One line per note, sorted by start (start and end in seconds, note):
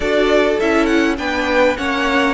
0.00 0.56 D4
0.00 0.60 F#4
0.00 1.16 A4
0.00 0.59 D5
0.60 1.18 C#4
0.60 1.17 E4
0.60 0.86 E5
0.86 1.15 F#5
1.17 1.77 B3
1.17 1.76 D4
1.17 1.77 B4
1.17 1.76 G5
1.77 2.34 A#3
1.77 2.34 C#4
1.77 2.34 C#5
1.77 2.34 F#5